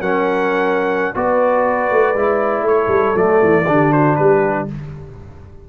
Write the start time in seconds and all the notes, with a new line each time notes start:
0.00 F#3 C#4 A#4 F#5
1.14 B3 F#4 B4 D5
1.91 A3
2.14 G#3 E4
2.62 A3 A4 C#5
2.88 G3
3.15 F#3 A3 D5
3.42 E3
3.67 D3 D4 G4
3.92 F#4 C5
4.15 G3 G4 B4